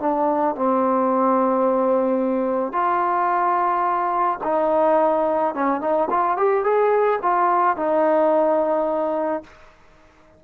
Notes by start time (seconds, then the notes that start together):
0.00 D4
0.56 C4
2.73 F4
4.44 D#4
5.55 C#4
5.81 D#4
6.11 F4
6.37 G4
6.64 G#4
7.22 F4
7.77 D#4